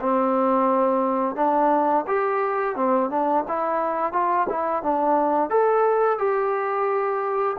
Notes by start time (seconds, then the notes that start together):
0.00 C4
1.35 D4
2.07 G4
2.75 C4
3.09 D4
3.48 E4
4.12 F4
4.49 E4
4.82 D4
5.50 A4
6.18 G4